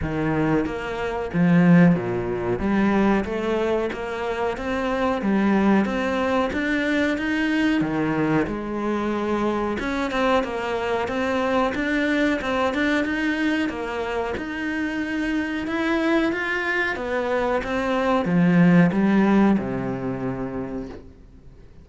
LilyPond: \new Staff \with { instrumentName = "cello" } { \time 4/4 \tempo 4 = 92 dis4 ais4 f4 ais,4 | g4 a4 ais4 c'4 | g4 c'4 d'4 dis'4 | dis4 gis2 cis'8 c'8 |
ais4 c'4 d'4 c'8 d'8 | dis'4 ais4 dis'2 | e'4 f'4 b4 c'4 | f4 g4 c2 | }